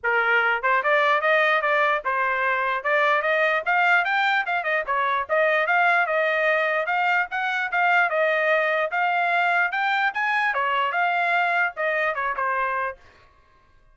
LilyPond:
\new Staff \with { instrumentName = "trumpet" } { \time 4/4 \tempo 4 = 148 ais'4. c''8 d''4 dis''4 | d''4 c''2 d''4 | dis''4 f''4 g''4 f''8 dis''8 | cis''4 dis''4 f''4 dis''4~ |
dis''4 f''4 fis''4 f''4 | dis''2 f''2 | g''4 gis''4 cis''4 f''4~ | f''4 dis''4 cis''8 c''4. | }